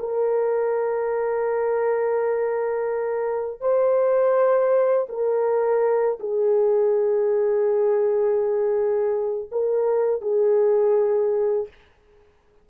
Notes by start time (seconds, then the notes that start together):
0.00 A#4
3.61 C5
5.10 A#4
6.20 G#4
9.52 A#4
10.22 G#4